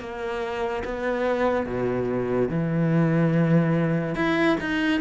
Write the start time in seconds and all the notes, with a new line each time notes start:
0.00 A#3
0.84 B3
1.66 B2
2.48 E3
4.15 E4
4.60 D#4